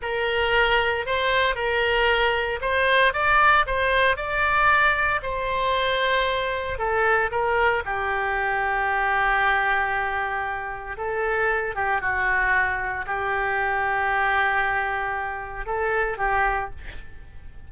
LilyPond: \new Staff \with { instrumentName = "oboe" } { \time 4/4 \tempo 4 = 115 ais'2 c''4 ais'4~ | ais'4 c''4 d''4 c''4 | d''2 c''2~ | c''4 a'4 ais'4 g'4~ |
g'1~ | g'4 a'4. g'8 fis'4~ | fis'4 g'2.~ | g'2 a'4 g'4 | }